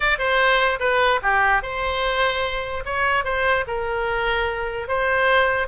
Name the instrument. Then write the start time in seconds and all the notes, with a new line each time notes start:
oboe
0.00 D5
0.18 C5
0.79 B4
1.22 G4
1.62 C5
2.85 C#5
3.24 C5
3.67 A#4
4.87 C5